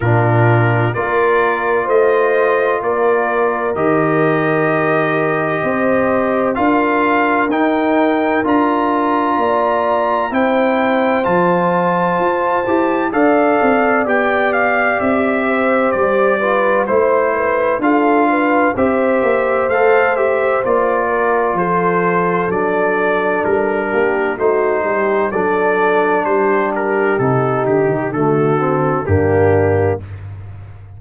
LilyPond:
<<
  \new Staff \with { instrumentName = "trumpet" } { \time 4/4 \tempo 4 = 64 ais'4 d''4 dis''4 d''4 | dis''2. f''4 | g''4 ais''2 g''4 | a''2 f''4 g''8 f''8 |
e''4 d''4 c''4 f''4 | e''4 f''8 e''8 d''4 c''4 | d''4 ais'4 c''4 d''4 | c''8 ais'8 a'8 g'8 a'4 g'4 | }
  \new Staff \with { instrumentName = "horn" } { \time 4/4 f'4 ais'4 c''4 ais'4~ | ais'2 c''4 ais'4~ | ais'2 d''4 c''4~ | c''2 d''2~ |
d''8 c''4 b'8 c''8 b'8 a'8 b'8 | c''2~ c''8 ais'8 a'4~ | a'4. g'8 fis'8 g'8 a'4 | g'2 fis'4 d'4 | }
  \new Staff \with { instrumentName = "trombone" } { \time 4/4 d'4 f'2. | g'2. f'4 | dis'4 f'2 e'4 | f'4. g'8 a'4 g'4~ |
g'4. f'8 e'4 f'4 | g'4 a'8 g'8 f'2 | d'2 dis'4 d'4~ | d'4 dis'4 a8 c'8 ais4 | }
  \new Staff \with { instrumentName = "tuba" } { \time 4/4 ais,4 ais4 a4 ais4 | dis2 c'4 d'4 | dis'4 d'4 ais4 c'4 | f4 f'8 e'8 d'8 c'8 b4 |
c'4 g4 a4 d'4 | c'8 ais8 a4 ais4 f4 | fis4 g8 ais8 a8 g8 fis4 | g4 c8 d16 dis16 d4 g,4 | }
>>